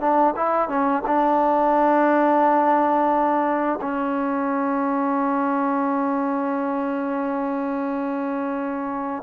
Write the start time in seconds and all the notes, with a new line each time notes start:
0.00 D4
0.36 E4
0.68 C#4
1.07 D4
3.81 C#4